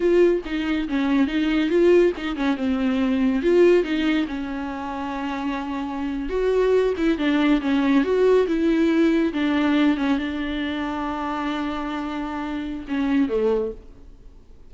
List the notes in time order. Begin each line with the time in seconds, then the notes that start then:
0.00 F4
0.45 D#4
0.88 C#4
1.27 D#4
1.69 F4
2.17 D#4
2.36 C#4
2.56 C4
3.42 F4
3.83 D#4
4.27 C#4
6.29 F#4
6.97 E4
7.18 D4
7.61 C#4
8.04 F#4
8.47 E4
9.33 D4
9.97 C#4
10.18 D4
12.88 C#4
13.28 A3